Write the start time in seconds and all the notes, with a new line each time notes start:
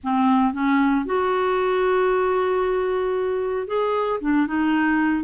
0.03 C4
0.53 C#4
1.05 F#4
3.67 G#4
4.21 D4
4.47 D#4